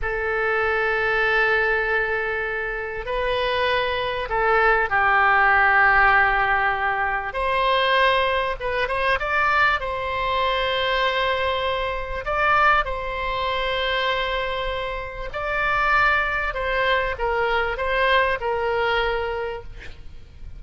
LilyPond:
\new Staff \with { instrumentName = "oboe" } { \time 4/4 \tempo 4 = 98 a'1~ | a'4 b'2 a'4 | g'1 | c''2 b'8 c''8 d''4 |
c''1 | d''4 c''2.~ | c''4 d''2 c''4 | ais'4 c''4 ais'2 | }